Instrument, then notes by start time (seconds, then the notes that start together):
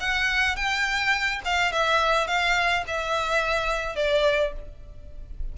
violin
0.00 F#5
0.56 G5
1.45 F5
1.72 E5
2.27 F5
2.87 E5
3.95 D5